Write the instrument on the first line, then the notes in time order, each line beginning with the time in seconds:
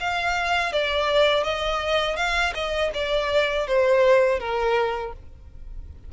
violin
0.00 F5
0.73 D5
1.44 D#5
2.17 F5
2.55 D#5
2.94 D5
3.68 C5
4.40 A#4